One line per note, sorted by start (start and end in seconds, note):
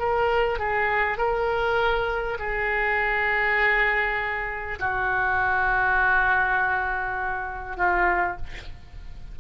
0.00 0.59 A#4
0.59 1.18 G#4
1.18 2.38 A#4
2.39 4.79 G#4
4.79 7.77 F#4
7.77 8.37 F4